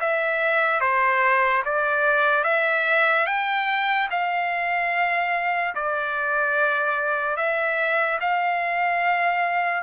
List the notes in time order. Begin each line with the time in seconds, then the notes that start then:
0.00 E5
0.80 C5
1.64 D5
2.44 E5
3.26 G5
4.10 F5
5.75 D5
7.36 E5
8.20 F5